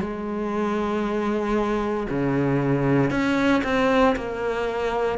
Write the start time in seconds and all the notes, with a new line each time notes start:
0.00 G#3
2.10 C#3
3.11 C#4
3.64 C4
4.16 A#3